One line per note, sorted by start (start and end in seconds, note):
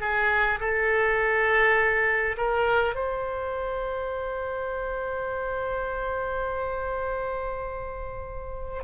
0.00 0.59 G#4
0.60 2.36 A4
2.37 2.95 A#4
2.95 8.83 C5